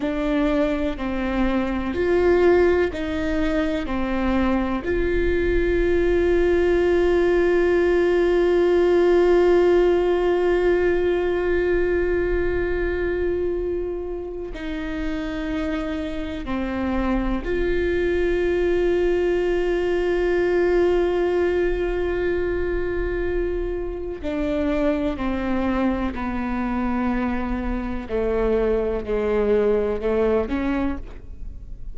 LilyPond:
\new Staff \with { instrumentName = "viola" } { \time 4/4 \tempo 4 = 62 d'4 c'4 f'4 dis'4 | c'4 f'2.~ | f'1~ | f'2. dis'4~ |
dis'4 c'4 f'2~ | f'1~ | f'4 d'4 c'4 b4~ | b4 a4 gis4 a8 cis'8 | }